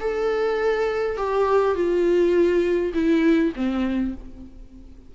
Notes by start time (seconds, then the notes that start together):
0.00 A4
1.17 G4
1.75 F4
2.94 E4
3.56 C4